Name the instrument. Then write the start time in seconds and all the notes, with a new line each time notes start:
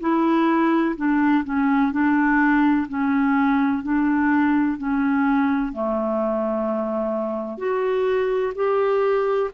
clarinet
0.00 E4
0.96 D4
1.44 C#4
1.92 D4
2.88 C#4
3.83 D4
4.77 C#4
5.73 A3
7.58 F#4
8.55 G4